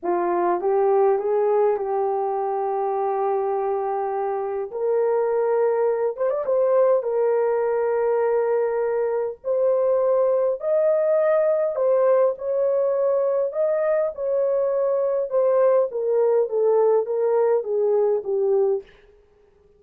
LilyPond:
\new Staff \with { instrumentName = "horn" } { \time 4/4 \tempo 4 = 102 f'4 g'4 gis'4 g'4~ | g'1 | ais'2~ ais'8 c''16 d''16 c''4 | ais'1 |
c''2 dis''2 | c''4 cis''2 dis''4 | cis''2 c''4 ais'4 | a'4 ais'4 gis'4 g'4 | }